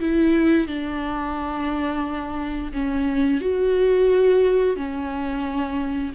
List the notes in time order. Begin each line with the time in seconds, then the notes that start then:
0.00 E4
0.68 D4
2.73 C#4
3.41 F#4
4.77 C#4